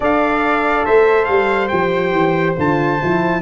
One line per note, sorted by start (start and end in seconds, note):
0.00 0.84 D4
0.00 1.70 A4
0.00 0.85 D5
0.00 0.85 F5
0.85 1.28 A3
0.85 3.41 C5
0.85 1.24 E5
1.24 1.71 G3
1.24 1.67 F5
1.68 2.11 F3
1.68 2.56 G4
1.68 2.53 G5
2.11 2.54 E3
2.56 3.01 D3
2.56 2.99 F4
2.56 3.41 A5
3.01 3.41 F3
3.01 3.41 E4